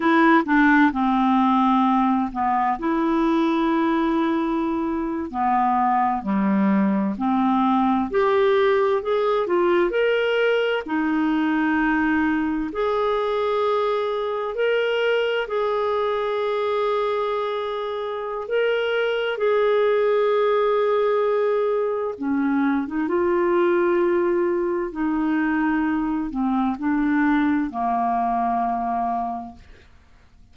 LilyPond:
\new Staff \with { instrumentName = "clarinet" } { \time 4/4 \tempo 4 = 65 e'8 d'8 c'4. b8 e'4~ | e'4.~ e'16 b4 g4 c'16~ | c'8. g'4 gis'8 f'8 ais'4 dis'16~ | dis'4.~ dis'16 gis'2 ais'16~ |
ais'8. gis'2.~ gis'16 | ais'4 gis'2. | cis'8. dis'16 f'2 dis'4~ | dis'8 c'8 d'4 ais2 | }